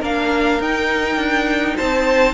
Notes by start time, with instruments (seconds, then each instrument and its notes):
0.00 cello A#3, viola D4, violin A#4 F5
0.60 cello D#4, viola D#4, violin G5
1.16 cello D4
1.77 cello C4, violin C5 A5